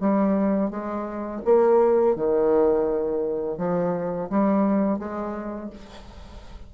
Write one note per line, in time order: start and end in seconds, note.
0.00 0.70 G3
0.70 1.42 G#3
1.45 2.15 A#3
2.15 3.58 D#3
3.58 4.29 F3
4.30 4.99 G3
4.99 5.70 G#3